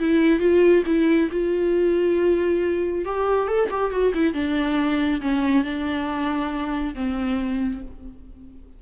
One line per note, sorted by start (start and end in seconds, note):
0.00 0.40 E4
0.40 0.84 F4
0.87 1.30 E4
1.32 3.06 F4
3.06 3.48 G4
3.48 3.70 A4
3.71 3.92 G4
3.92 4.13 F#4
4.15 4.34 E4
4.34 5.21 D4
5.22 5.65 C#4
5.65 6.95 D4
6.95 7.82 C4